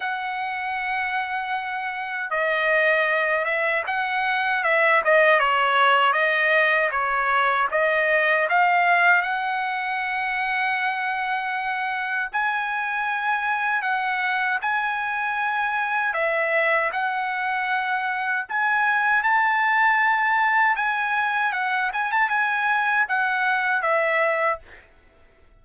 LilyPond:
\new Staff \with { instrumentName = "trumpet" } { \time 4/4 \tempo 4 = 78 fis''2. dis''4~ | dis''8 e''8 fis''4 e''8 dis''8 cis''4 | dis''4 cis''4 dis''4 f''4 | fis''1 |
gis''2 fis''4 gis''4~ | gis''4 e''4 fis''2 | gis''4 a''2 gis''4 | fis''8 gis''16 a''16 gis''4 fis''4 e''4 | }